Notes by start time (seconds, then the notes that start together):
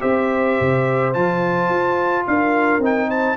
0.00 C4 G4 C5 E5
0.60 C3
1.13 F3 F4 A5
1.69 F4
2.26 D4 A#4 F5
2.78 C4 D#4
2.84 G5
3.07 C5 A5